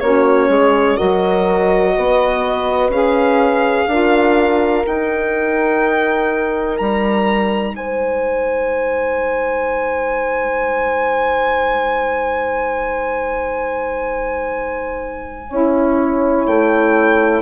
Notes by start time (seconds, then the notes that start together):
0.00 A#3 C#4 F#4 C#5
0.49 G#3 G#4
0.97 F#3 F#4 A#4 D#5
1.96 B3 B4
2.89 C#4 G#4 F5
3.87 D4 F4 A#4
4.84 D#4 G5
6.78 G3 A#5
7.75 G#3 C5 G#5
15.49 C#4 E4 C#5
16.46 A3 G5